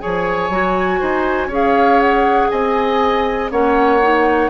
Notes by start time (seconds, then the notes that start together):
0.00 F3 G#4 C#5 G#5
0.49 F#3 F#4
1.00 D#4 C5
1.47 C#4 G#4 C#5
1.55 F5
2.00 F#5
2.50 C4 D#5 G#5
3.50 A#3 C#4 C#5 F#5
4.01 D#4